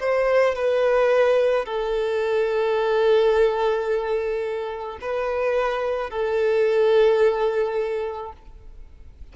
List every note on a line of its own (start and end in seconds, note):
0.00 0.56 C5
0.56 1.66 B4
1.66 4.99 A4
5.02 6.11 B4
6.11 8.33 A4